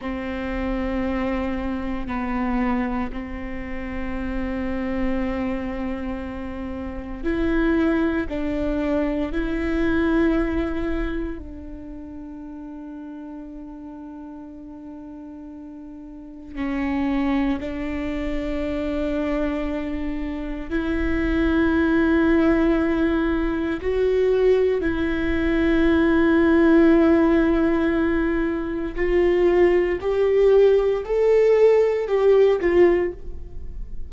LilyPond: \new Staff \with { instrumentName = "viola" } { \time 4/4 \tempo 4 = 58 c'2 b4 c'4~ | c'2. e'4 | d'4 e'2 d'4~ | d'1 |
cis'4 d'2. | e'2. fis'4 | e'1 | f'4 g'4 a'4 g'8 f'8 | }